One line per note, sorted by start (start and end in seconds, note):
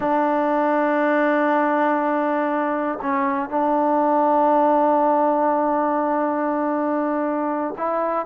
0.00 2.99 D4
3.01 3.49 C#4
3.49 7.74 D4
7.77 8.25 E4